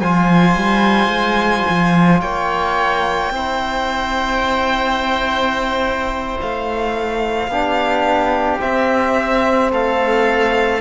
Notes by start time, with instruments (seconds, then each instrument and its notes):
0.00 cello F3, trombone F4, oboe C5, violin G#5
0.56 cello G3
1.08 cello G#3
1.69 cello F3
2.21 cello A#3, oboe C#5, violin G5
3.31 cello C4, trombone E4, oboe C5
6.41 cello A3, violin F5
7.47 cello B3, trombone D4, oboe G4
8.59 trombone C4, cello C4, violin E5
9.70 cello A3, oboe A4, violin F5